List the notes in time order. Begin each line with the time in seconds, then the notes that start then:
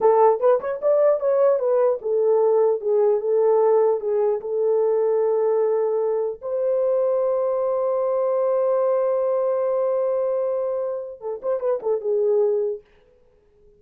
0.00 A4
0.40 B4
0.60 C#5
0.81 D5
1.19 C#5
1.59 B4
2.01 A4
2.80 G#4
3.20 A4
4.00 G#4
4.40 A4
6.41 C5
11.20 A4
11.42 C5
11.59 B4
11.82 A4
12.01 G#4